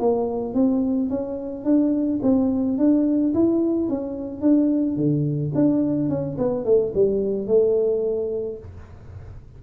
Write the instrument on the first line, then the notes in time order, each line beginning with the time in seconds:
tuba
0.00 A#3
0.55 C4
1.10 C#4
1.65 D4
2.23 C4
2.79 D4
3.34 E4
3.89 C#4
4.42 D4
4.97 D3
5.55 D4
6.10 C#4
6.38 B3
6.65 A3
6.95 G3
7.47 A3